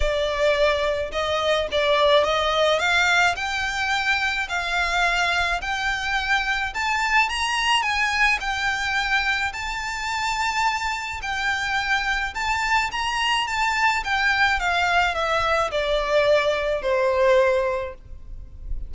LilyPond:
\new Staff \with { instrumentName = "violin" } { \time 4/4 \tempo 4 = 107 d''2 dis''4 d''4 | dis''4 f''4 g''2 | f''2 g''2 | a''4 ais''4 gis''4 g''4~ |
g''4 a''2. | g''2 a''4 ais''4 | a''4 g''4 f''4 e''4 | d''2 c''2 | }